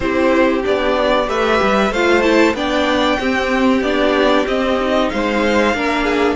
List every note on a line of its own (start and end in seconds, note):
0.00 0.64 C4
0.00 0.63 E4
0.00 1.29 G4
0.00 0.61 C5
0.63 1.28 B3
0.63 1.25 D4
0.63 1.29 D5
1.25 1.60 A3
1.25 1.89 G4
1.25 1.91 B4
1.25 1.93 E5
1.61 1.90 G3
1.90 2.53 A3
1.90 2.22 F4
1.90 2.55 C5
1.90 2.21 F5
2.21 2.54 E4
2.21 2.53 A5
2.53 3.17 B3
2.53 3.18 D4
2.53 3.19 D5
2.53 3.82 G5
3.19 3.81 C4
3.19 3.83 C4
3.19 5.11 G4
3.81 4.45 B3
3.81 4.46 D4
3.81 4.46 D5
4.46 4.78 C4
4.46 5.11 C4
4.46 5.09 D#5
4.80 5.75 D#4
5.09 5.73 G#3
5.09 5.76 C5
5.09 6.35 F5
5.73 6.35 A#3
5.73 6.35 D4
5.73 6.03 A#4
6.03 6.35 G#4